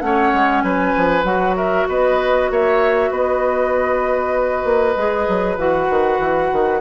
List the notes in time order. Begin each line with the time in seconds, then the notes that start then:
0.00 A3 C#4 C#5 F#5
0.32 G#3
0.61 F#3 B4 G#5
0.96 F3
1.23 F#3 F#4 F#5
1.56 A#4 E5
1.88 B3 B4 D#5
2.50 A#3 C#5 E5
3.10 B3 B4 D#5
4.64 A#3
4.96 G#3 G#4
5.28 F#3
5.57 E3 F#4 F#5
5.89 D#3
6.19 E3
6.52 D#3